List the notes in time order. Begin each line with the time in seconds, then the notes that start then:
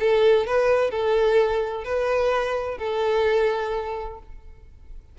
0.00 A4
0.47 B4
0.91 A4
1.85 B4
2.78 A4